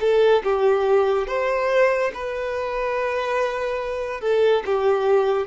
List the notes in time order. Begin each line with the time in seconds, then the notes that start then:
0.00 A4
0.43 G4
1.27 C5
2.14 B4
4.21 A4
4.65 G4